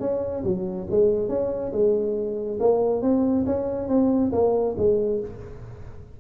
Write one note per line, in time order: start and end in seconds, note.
0.00 0.43 C#4
0.44 0.87 F#3
0.90 1.29 G#3
1.29 1.72 C#4
1.72 2.58 G#3
2.60 3.02 A#3
3.02 3.45 C4
3.46 3.88 C#4
3.88 4.31 C4
4.32 4.75 A#3
4.77 5.20 G#3